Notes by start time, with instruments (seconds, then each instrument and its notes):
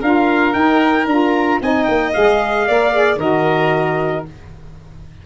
0.00 tuba D4, saxophone F4, violin A#4, trumpet F5
0.53 saxophone D#4, tuba D#4, trumpet G5
1.06 tuba D4, saxophone F4, trumpet A#5
1.61 tuba C4, saxophone D#4, violin D#5, trumpet G#5
1.84 tuba A#3, trumpet G5
2.13 tuba G#3, saxophone G#4, trumpet F5
2.67 tuba A#3, saxophone A#4, violin D5
2.92 saxophone G#4
3.16 tuba D#3, saxophone F#4, violin A#4, trumpet D#5